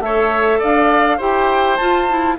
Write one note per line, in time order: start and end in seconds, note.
0.00 0.59 A3
0.00 1.20 A4
0.00 0.60 C#5
0.00 0.61 E5
0.60 1.20 D4
0.60 1.18 D5
0.60 1.21 F5
1.18 1.79 E4
1.18 1.79 G4
1.18 2.35 C5
1.18 1.77 G5
1.77 2.09 F4
1.77 2.39 F4
1.77 2.36 A5
2.09 2.39 E4